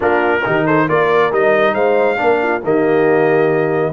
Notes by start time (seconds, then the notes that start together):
0.00 A#3 D4 F4 A#4
0.45 D#3 D#4 G4
0.66 A4 C5
0.88 A#3 F4 A#4 D5
1.31 G3 D#4 D#5
1.74 G#3 C5 F5
2.17 A#3 D4 A#4
2.42 F4
2.63 D#3 A#3 G4 D#5